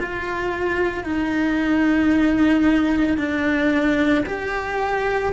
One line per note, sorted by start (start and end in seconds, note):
0.00 1.04 F4
1.04 3.18 D#4
3.18 4.25 D4
4.26 5.33 G4